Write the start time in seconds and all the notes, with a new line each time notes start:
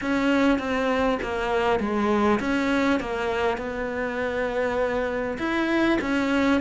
0.01 C#4
0.58 C4
1.22 A#3
1.79 G#3
2.40 C#4
3.00 A#3
3.57 B3
5.38 E4
6.01 C#4